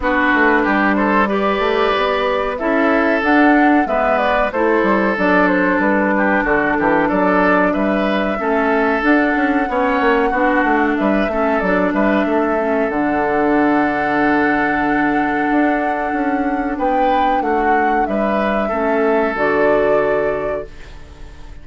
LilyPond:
<<
  \new Staff \with { instrumentName = "flute" } { \time 4/4 \tempo 4 = 93 b'4. c''8 d''2 | e''4 fis''4 e''8 d''8 c''4 | d''8 c''8 b'4 a'4 d''4 | e''2 fis''2~ |
fis''4 e''4 d''8 e''4. | fis''1~ | fis''2 g''4 fis''4 | e''2 d''2 | }
  \new Staff \with { instrumentName = "oboe" } { \time 4/4 fis'4 g'8 a'8 b'2 | a'2 b'4 a'4~ | a'4. g'8 fis'8 g'8 a'4 | b'4 a'2 cis''4 |
fis'4 b'8 a'4 b'8 a'4~ | a'1~ | a'2 b'4 fis'4 | b'4 a'2. | }
  \new Staff \with { instrumentName = "clarinet" } { \time 4/4 d'2 g'2 | e'4 d'4 b4 e'4 | d'1~ | d'4 cis'4 d'4 cis'4 |
d'4. cis'8 d'4. cis'8 | d'1~ | d'1~ | d'4 cis'4 fis'2 | }
  \new Staff \with { instrumentName = "bassoon" } { \time 4/4 b8 a8 g4. a8 b4 | cis'4 d'4 gis4 a8 g8 | fis4 g4 d8 e8 fis4 | g4 a4 d'8 cis'8 b8 ais8 |
b8 a8 g8 a8 fis8 g8 a4 | d1 | d'4 cis'4 b4 a4 | g4 a4 d2 | }
>>